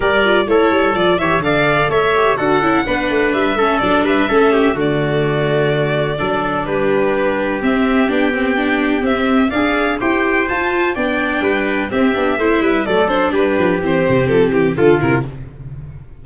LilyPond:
<<
  \new Staff \with { instrumentName = "violin" } { \time 4/4 \tempo 4 = 126 d''4 cis''4 d''8 e''8 f''4 | e''4 fis''2 e''4 | d''8 e''4. d''2~ | d''2 b'2 |
e''4 g''2 e''4 | f''4 g''4 a''4 g''4~ | g''4 e''2 d''8 c''8 | b'4 c''4 a'8 g'8 a'8 ais'8 | }
  \new Staff \with { instrumentName = "trumpet" } { \time 4/4 ais'4 a'4. cis''8 d''4 | cis''4 a'4 b'4. a'8~ | a'8 b'8 a'8 g'8 fis'2~ | fis'4 a'4 g'2~ |
g'1 | d''4 c''2 d''4 | b'4 g'4 c''8 b'8 a'4 | g'2. f'4 | }
  \new Staff \with { instrumentName = "viola" } { \time 4/4 g'8 f'8 e'4 f'8 g'8 a'4~ | a'8 g'8 fis'8 e'8 d'4. cis'8 | d'4 cis'4 a2~ | a4 d'2. |
c'4 d'8 c'8 d'4 c'4 | gis'4 g'4 f'4 d'4~ | d'4 c'8 d'8 e'4 a8 d'8~ | d'4 c'2 f'8 e'8 | }
  \new Staff \with { instrumentName = "tuba" } { \time 4/4 g4 a8 g8 f8 e8 d4 | a4 d'8 cis'8 b8 a8 g8 a8 | fis8 g8 a4 d2~ | d4 fis4 g2 |
c'4 b2 c'4 | d'4 e'4 f'4 b4 | g4 c'8 b8 a8 g8 fis4 | g8 f8 e8 c8 f8 e8 d8 c8 | }
>>